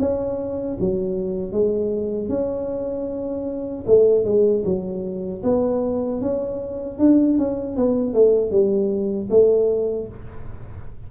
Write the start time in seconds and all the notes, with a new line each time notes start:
0.00 C#4
0.80 F#3
1.52 G#3
2.29 C#4
3.87 A3
4.25 G#3
4.65 F#3
5.44 B3
6.21 C#4
6.99 D4
7.38 C#4
7.77 B3
8.14 A3
8.51 G3
9.30 A3